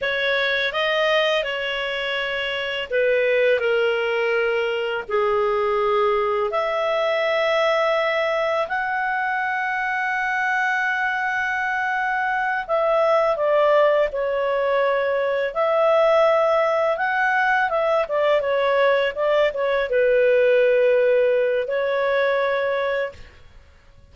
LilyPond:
\new Staff \with { instrumentName = "clarinet" } { \time 4/4 \tempo 4 = 83 cis''4 dis''4 cis''2 | b'4 ais'2 gis'4~ | gis'4 e''2. | fis''1~ |
fis''4. e''4 d''4 cis''8~ | cis''4. e''2 fis''8~ | fis''8 e''8 d''8 cis''4 d''8 cis''8 b'8~ | b'2 cis''2 | }